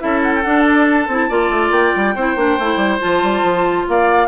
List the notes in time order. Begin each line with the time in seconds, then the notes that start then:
0.00 C#4 E4 A4 E5
0.23 F#5
0.36 G5
0.43 D4 F#5
0.67 D5
0.86 A5
1.08 C4 E4
1.29 A#3 F4 D5
1.50 A3
1.71 A#3 G5
1.96 G3
2.16 C4 E4 C5
2.37 A#3 D4
2.59 A3 E4
2.77 G3
3.00 F3 F4 A5
3.23 G3
3.43 F3
3.89 A#3 D5 F5